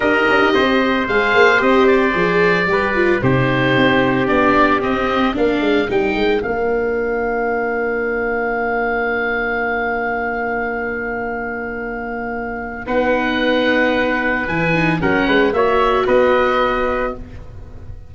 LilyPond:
<<
  \new Staff \with { instrumentName = "oboe" } { \time 4/4 \tempo 4 = 112 dis''2 f''4 dis''8 d''8~ | d''2 c''2 | d''4 dis''4 f''4 g''4 | f''1~ |
f''1~ | f''1 | fis''2. gis''4 | fis''4 e''4 dis''2 | }
  \new Staff \with { instrumentName = "trumpet" } { \time 4/4 ais'4 c''2.~ | c''4 b'4 g'2~ | g'2 ais'2~ | ais'1~ |
ais'1~ | ais'1 | b'1 | ais'8 b'8 cis''4 b'2 | }
  \new Staff \with { instrumentName = "viola" } { \time 4/4 g'2 gis'4 g'4 | gis'4 g'8 f'8 dis'2 | d'4 c'4 d'4 dis'4 | d'1~ |
d'1~ | d'1 | dis'2. e'8 dis'8 | cis'4 fis'2. | }
  \new Staff \with { instrumentName = "tuba" } { \time 4/4 dis'8 d'16 dis'16 c'4 gis8 ais8 c'4 | f4 g4 c4 c'4 | b4 c'4 ais8 gis8 g8 gis8 | ais1~ |
ais1~ | ais1 | b2. e4 | fis8 gis8 ais4 b2 | }
>>